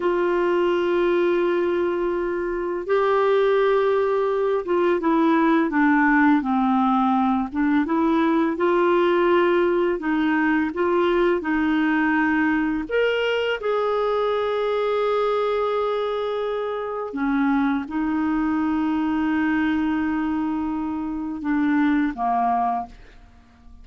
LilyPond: \new Staff \with { instrumentName = "clarinet" } { \time 4/4 \tempo 4 = 84 f'1 | g'2~ g'8 f'8 e'4 | d'4 c'4. d'8 e'4 | f'2 dis'4 f'4 |
dis'2 ais'4 gis'4~ | gis'1 | cis'4 dis'2.~ | dis'2 d'4 ais4 | }